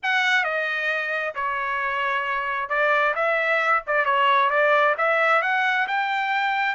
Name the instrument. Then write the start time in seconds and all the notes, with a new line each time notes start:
trumpet
0.02 F#5
0.44 D#5
1.35 C#5
2.69 D5
3.15 E5
3.86 D5
4.05 C#5
4.50 D5
4.97 E5
5.42 F#5
5.87 G5